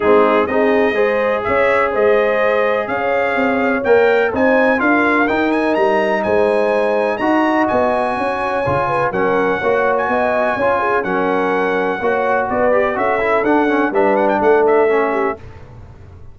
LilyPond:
<<
  \new Staff \with { instrumentName = "trumpet" } { \time 4/4 \tempo 4 = 125 gis'4 dis''2 e''4 | dis''2 f''2 | g''4 gis''4 f''4 g''8 gis''8 | ais''4 gis''2 ais''4 |
gis''2. fis''4~ | fis''8. gis''2~ gis''16 fis''4~ | fis''2 d''4 e''4 | fis''4 e''8 fis''16 g''16 fis''8 e''4. | }
  \new Staff \with { instrumentName = "horn" } { \time 4/4 dis'4 gis'4 c''4 cis''4 | c''2 cis''2~ | cis''4 c''4 ais'2~ | ais'4 c''2 dis''4~ |
dis''4 cis''4. b'8 ais'4 | cis''4 dis''4 cis''8 gis'8 ais'4~ | ais'4 cis''4 b'4 a'4~ | a'4 b'4 a'4. g'8 | }
  \new Staff \with { instrumentName = "trombone" } { \time 4/4 c'4 dis'4 gis'2~ | gis'1 | ais'4 dis'4 f'4 dis'4~ | dis'2. fis'4~ |
fis'2 f'4 cis'4 | fis'2 f'4 cis'4~ | cis'4 fis'4. g'8 fis'8 e'8 | d'8 cis'8 d'2 cis'4 | }
  \new Staff \with { instrumentName = "tuba" } { \time 4/4 gis4 c'4 gis4 cis'4 | gis2 cis'4 c'4 | ais4 c'4 d'4 dis'4 | g4 gis2 dis'4 |
b4 cis'4 cis4 fis4 | ais4 b4 cis'4 fis4~ | fis4 ais4 b4 cis'4 | d'4 g4 a2 | }
>>